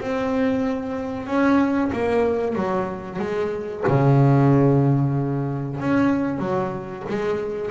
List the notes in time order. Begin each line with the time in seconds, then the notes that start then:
0.00 C4
1.27 C#4
1.92 A#3
2.55 F#3
3.19 G#3
3.87 C#3
5.80 C#4
6.39 F#3
7.09 G#3